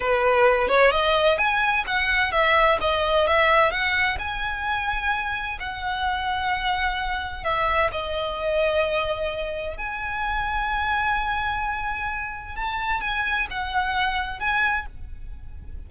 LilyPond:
\new Staff \with { instrumentName = "violin" } { \time 4/4 \tempo 4 = 129 b'4. cis''8 dis''4 gis''4 | fis''4 e''4 dis''4 e''4 | fis''4 gis''2. | fis''1 |
e''4 dis''2.~ | dis''4 gis''2.~ | gis''2. a''4 | gis''4 fis''2 gis''4 | }